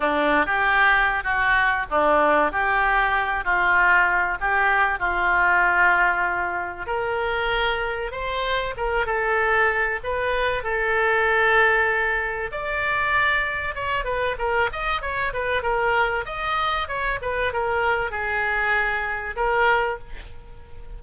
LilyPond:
\new Staff \with { instrumentName = "oboe" } { \time 4/4 \tempo 4 = 96 d'8. g'4~ g'16 fis'4 d'4 | g'4. f'4. g'4 | f'2. ais'4~ | ais'4 c''4 ais'8 a'4. |
b'4 a'2. | d''2 cis''8 b'8 ais'8 dis''8 | cis''8 b'8 ais'4 dis''4 cis''8 b'8 | ais'4 gis'2 ais'4 | }